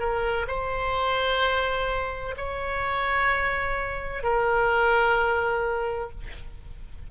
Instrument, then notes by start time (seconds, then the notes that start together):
oboe
0.00 A#4
0.48 C5
2.37 C#5
4.23 A#4